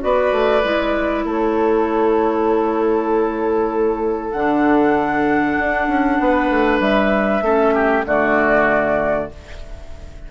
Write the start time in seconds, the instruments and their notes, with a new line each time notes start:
0.00 bassoon B3, clarinet F#4, oboe B4, flute D5
0.32 bassoon A3
0.64 bassoon G#3, clarinet E4
1.25 bassoon A3, oboe A4, flute C#5
4.32 bassoon D3, clarinet D4, flute F#5
5.59 bassoon D4
5.88 bassoon C#4
6.20 bassoon B3, oboe B4
6.50 bassoon A3
6.80 bassoon G3, flute E5
7.42 bassoon A3, clarinet C#4, oboe A4
7.75 oboe G4
8.06 bassoon D3, clarinet A3, oboe F#4, flute D5